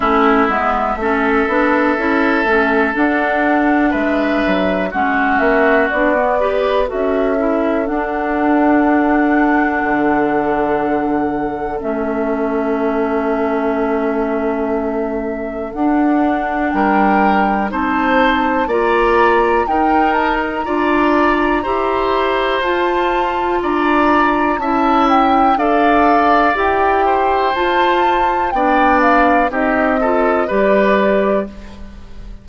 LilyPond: <<
  \new Staff \with { instrumentName = "flute" } { \time 4/4 \tempo 4 = 61 e''2. fis''4 | e''4 fis''8 e''8 d''4 e''4 | fis''1 | e''1 |
fis''4 g''4 a''4 ais''4 | g''8 a''16 ais''2~ ais''16 a''4 | ais''4 a''8 g''8 f''4 g''4 | a''4 g''8 f''8 dis''4 d''4 | }
  \new Staff \with { instrumentName = "oboe" } { \time 4/4 e'4 a'2. | b'4 fis'4. b'8 a'4~ | a'1~ | a'1~ |
a'4 ais'4 c''4 d''4 | ais'4 d''4 c''2 | d''4 e''4 d''4. c''8~ | c''4 d''4 g'8 a'8 b'4 | }
  \new Staff \with { instrumentName = "clarinet" } { \time 4/4 cis'8 b8 cis'8 d'8 e'8 cis'8 d'4~ | d'4 cis'4 d'16 b16 g'8 fis'8 e'8 | d'1 | cis'1 |
d'2 dis'4 f'4 | dis'4 f'4 g'4 f'4~ | f'4 e'4 a'4 g'4 | f'4 d'4 dis'8 f'8 g'4 | }
  \new Staff \with { instrumentName = "bassoon" } { \time 4/4 a8 gis8 a8 b8 cis'8 a8 d'4 | gis8 fis8 gis8 ais8 b4 cis'4 | d'2 d2 | a1 |
d'4 g4 c'4 ais4 | dis'4 d'4 e'4 f'4 | d'4 cis'4 d'4 e'4 | f'4 b4 c'4 g4 | }
>>